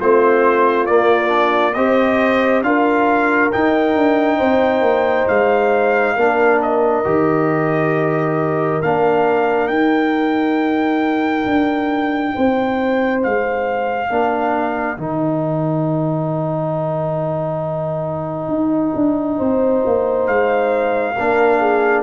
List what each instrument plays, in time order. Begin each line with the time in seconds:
0.00 tuba A3, trombone C4, horn F4, trumpet C5
0.86 trombone A#3, tuba A#3, trumpet D5
1.28 trombone D4
1.74 tuba C4, trombone G4, horn C5, trumpet D#5
2.62 tuba D4, trombone F4, horn A#4, trumpet F5
3.52 trombone D#4, tuba D#4, trumpet G5
3.96 tuba D4
4.38 tuba C4, horn C5
4.82 tuba A#3
5.29 tuba G#3, trumpet F5
6.15 tuba A#3, trombone D4, horn A#4
6.62 trumpet D#5
7.05 tuba D#3, trombone G4
8.82 tuba A#3, trombone D4, trumpet F5
9.68 tuba D#4, trombone D#4, trumpet G5
11.46 tuba D4
12.35 tuba C4, horn C5
13.23 tuba G#3, trumpet F5
14.10 tuba A#3, trombone D4, horn A#4
14.98 tuba D#3, trombone D#4, trumpet G5
18.49 tuba D#4
18.96 tuba D4
19.38 tuba C4, horn C5
19.86 tuba A#3
20.27 tuba G#3, trumpet F5
21.16 tuba A#3, trombone D4, horn A#4
21.60 horn G#4